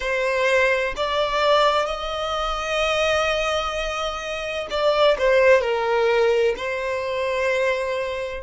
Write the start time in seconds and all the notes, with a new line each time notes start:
0.00 C5
0.96 D5
1.86 D#5
4.70 D5
5.18 C5
5.61 A#4
6.56 C5